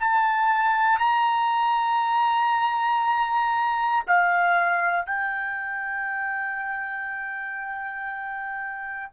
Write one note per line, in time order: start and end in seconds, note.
0.00 0.99 A5
0.99 4.04 A#5
4.08 5.07 F5
5.07 9.13 G5